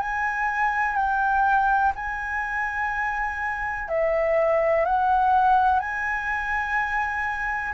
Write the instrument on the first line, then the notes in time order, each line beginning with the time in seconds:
flute
0.00 G#5
0.95 G5
1.95 G#5
3.88 E5
4.85 F#5
5.79 G#5